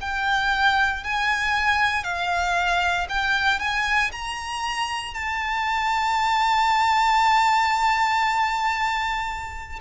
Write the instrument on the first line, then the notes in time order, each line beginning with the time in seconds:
violin
0.00 G5
1.03 G#5
2.03 F5
3.08 G5
3.59 G#5
4.11 A#5
5.13 A5